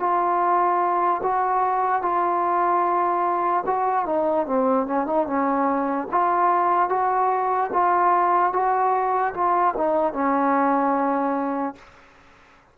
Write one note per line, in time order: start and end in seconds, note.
0.00 1.22 F4
1.23 2.02 F#4
2.02 3.64 F4
3.66 4.06 F#4
4.06 4.47 D#4
4.47 4.87 C4
4.87 5.07 C#4
5.07 5.27 D#4
5.27 6.08 C#4
6.12 6.90 F4
6.90 7.71 F#4
7.73 8.53 F4
8.53 9.34 F#4
9.34 9.75 F4
9.78 10.14 D#4
10.14 11.76 C#4